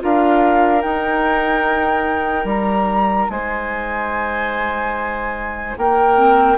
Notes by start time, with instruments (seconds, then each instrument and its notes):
0.00 bassoon D4, clarinet F4, oboe A#4, flute F5
0.82 clarinet D#4, bassoon D#4, flute G5
2.45 bassoon G3, flute A#5
3.30 bassoon G#3, oboe C5, flute G#5
5.78 bassoon A#3, oboe A#4, flute G5
6.16 clarinet C4